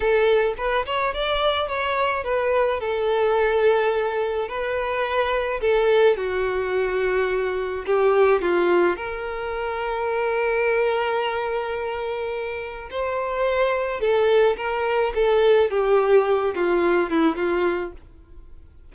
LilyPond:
\new Staff \with { instrumentName = "violin" } { \time 4/4 \tempo 4 = 107 a'4 b'8 cis''8 d''4 cis''4 | b'4 a'2. | b'2 a'4 fis'4~ | fis'2 g'4 f'4 |
ais'1~ | ais'2. c''4~ | c''4 a'4 ais'4 a'4 | g'4. f'4 e'8 f'4 | }